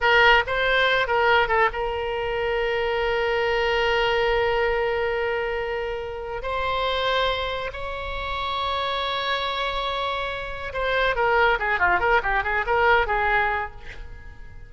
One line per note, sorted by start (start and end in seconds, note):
0.00 0.43 A#4
0.46 1.07 C5
1.07 1.47 A#4
1.47 1.69 A4
1.72 6.42 A#4
6.42 7.70 C5
7.73 10.73 C#5
10.73 11.15 C5
11.15 11.58 A#4
11.59 11.79 G#4
11.79 11.99 F4
11.99 12.21 A#4
12.22 12.43 G4
12.43 12.65 G#4
12.66 13.07 A#4
13.07 13.71 G#4